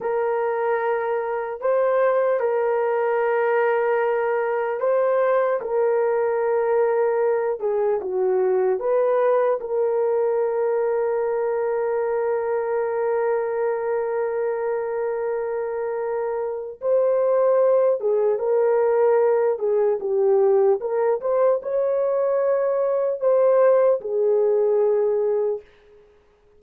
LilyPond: \new Staff \with { instrumentName = "horn" } { \time 4/4 \tempo 4 = 75 ais'2 c''4 ais'4~ | ais'2 c''4 ais'4~ | ais'4. gis'8 fis'4 b'4 | ais'1~ |
ais'1~ | ais'4 c''4. gis'8 ais'4~ | ais'8 gis'8 g'4 ais'8 c''8 cis''4~ | cis''4 c''4 gis'2 | }